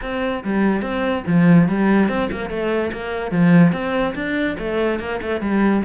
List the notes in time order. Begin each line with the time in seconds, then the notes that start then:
0.02 C4
0.44 G3
0.82 C4
1.26 F3
1.68 G3
2.08 C4
2.31 A#3
2.49 A3
2.92 A#3
3.31 F3
3.72 C4
4.15 D4
4.58 A3
4.99 A#3
5.21 A3
5.41 G3